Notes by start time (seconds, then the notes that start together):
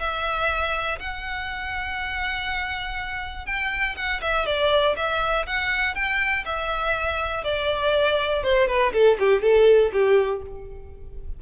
0.00 E5
0.99 F#5
3.46 G5
3.96 F#5
4.21 E5
4.46 D5
4.96 E5
5.47 F#5
5.95 G5
6.46 E5
7.44 D5
8.43 C5
8.68 B4
8.93 A4
9.20 G4
9.42 A4
9.93 G4